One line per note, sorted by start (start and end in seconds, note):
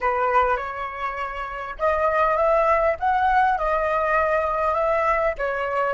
0.00 0.56 B4
0.56 1.75 C#5
1.78 2.36 D#5
2.36 2.96 E5
2.99 3.58 F#5
3.58 4.74 D#5
4.74 5.34 E5
5.38 5.93 C#5